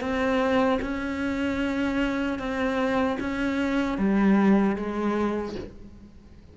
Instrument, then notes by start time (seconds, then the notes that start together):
cello
0.00 C4
0.81 C#4
2.39 C4
3.20 C#4
3.98 G3
4.76 G#3